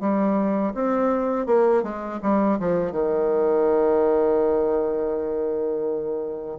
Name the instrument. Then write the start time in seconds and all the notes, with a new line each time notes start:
bassoon
0.00 G3
0.74 C4
1.46 A#3
1.83 G#3
2.22 G3
2.59 F3
2.91 D#3